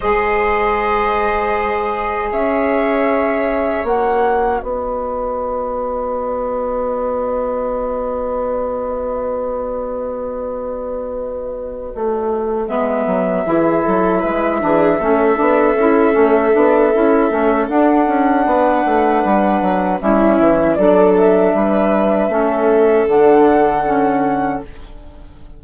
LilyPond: <<
  \new Staff \with { instrumentName = "flute" } { \time 4/4 \tempo 4 = 78 dis''2. e''4~ | e''4 fis''4 dis''2~ | dis''1~ | dis''1~ |
dis''8 e''2.~ e''8~ | e''2. fis''4~ | fis''2 e''4 d''8 e''8~ | e''2 fis''2 | }
  \new Staff \with { instrumentName = "viola" } { \time 4/4 c''2. cis''4~ | cis''2 b'2~ | b'1~ | b'1~ |
b'4. gis'8 a'8 b'8 gis'8 a'8~ | a'1 | b'2 e'4 a'4 | b'4 a'2. | }
  \new Staff \with { instrumentName = "saxophone" } { \time 4/4 gis'1~ | gis'4 fis'2.~ | fis'1~ | fis'1~ |
fis'8 b4 e'4. d'8 cis'8 | d'8 e'8 cis'8 d'8 e'8 cis'8 d'4~ | d'2 cis'4 d'4~ | d'4 cis'4 d'4 cis'4 | }
  \new Staff \with { instrumentName = "bassoon" } { \time 4/4 gis2. cis'4~ | cis'4 ais4 b2~ | b1~ | b2.~ b8 a8~ |
a8 gis8 fis8 e8 fis8 gis8 e8 a8 | b8 cis'8 a8 b8 cis'8 a8 d'8 cis'8 | b8 a8 g8 fis8 g8 e8 fis4 | g4 a4 d2 | }
>>